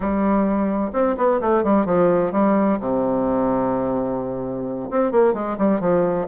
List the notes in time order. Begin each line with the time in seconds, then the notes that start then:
0.00 G3
0.92 C4
1.17 B3
1.41 A3
1.63 G3
1.85 F3
2.32 G3
2.80 C3
4.90 C4
5.11 A#3
5.33 G#3
5.58 G3
5.80 F3